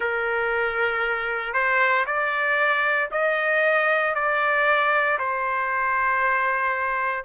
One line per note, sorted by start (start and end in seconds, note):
0.00 1.53 A#4
1.53 2.05 C5
2.06 3.09 D5
3.11 4.14 D#5
4.14 5.18 D5
5.18 7.24 C5